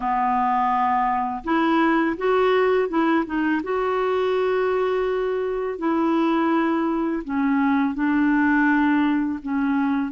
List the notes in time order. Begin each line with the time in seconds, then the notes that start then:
0.00 B3
1.44 E4
2.17 F#4
2.88 E4
3.25 D#4
3.63 F#4
5.78 E4
7.24 C#4
7.94 D4
9.42 C#4